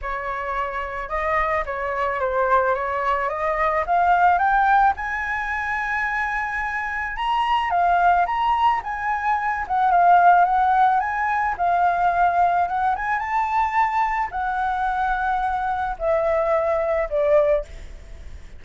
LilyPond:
\new Staff \with { instrumentName = "flute" } { \time 4/4 \tempo 4 = 109 cis''2 dis''4 cis''4 | c''4 cis''4 dis''4 f''4 | g''4 gis''2.~ | gis''4 ais''4 f''4 ais''4 |
gis''4. fis''8 f''4 fis''4 | gis''4 f''2 fis''8 gis''8 | a''2 fis''2~ | fis''4 e''2 d''4 | }